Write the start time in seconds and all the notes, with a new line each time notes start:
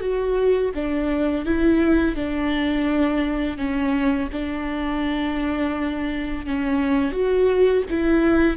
0.00 F#4
0.74 D4
1.45 E4
2.15 D4
3.57 C#4
4.32 D4
6.45 C#4
7.11 F#4
7.89 E4